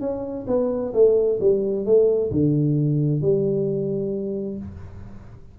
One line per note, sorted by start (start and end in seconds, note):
0.00 0.45 C#4
0.47 0.92 B3
0.93 1.39 A3
1.40 1.85 G3
1.85 2.31 A3
2.31 3.21 D3
3.21 4.58 G3